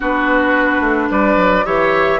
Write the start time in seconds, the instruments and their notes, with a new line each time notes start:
0.00 bassoon B3, clarinet D4, oboe F#4, flute B4
0.80 bassoon A3
1.09 bassoon G3, oboe B4, flute D5
1.36 bassoon F#3
1.65 bassoon E3, clarinet G4, oboe C#5, flute E5